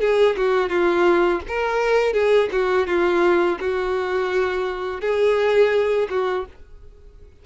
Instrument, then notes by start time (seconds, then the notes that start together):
violin
0.00 G#4
0.37 F#4
0.69 F4
1.48 A#4
2.13 G#4
2.52 F#4
2.87 F4
3.60 F#4
5.01 G#4
6.10 F#4